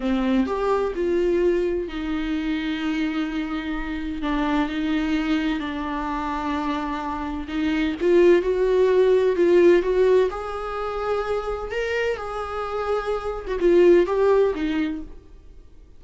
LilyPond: \new Staff \with { instrumentName = "viola" } { \time 4/4 \tempo 4 = 128 c'4 g'4 f'2 | dis'1~ | dis'4 d'4 dis'2 | d'1 |
dis'4 f'4 fis'2 | f'4 fis'4 gis'2~ | gis'4 ais'4 gis'2~ | gis'8. fis'16 f'4 g'4 dis'4 | }